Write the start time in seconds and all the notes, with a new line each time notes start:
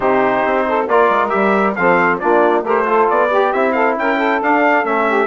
0.00 C3 D#4 G4 C5
0.45 C4
0.68 A4
0.88 A#3 F4 A#4 D5
1.09 G#3
1.28 G3 G4 E5
1.75 F3 C4 A4 F5
2.19 A#3 D4 F4 D5
2.62 A3 G4 A#4 C5
2.85 F4 A4
3.09 B3 D5
3.29 G4
3.53 C4 E4 E5
3.72 A4 F5
3.97 C#4 A#4 G5
4.16 A4
4.42 D4 F5
4.84 A3 C#4 E5
5.07 G4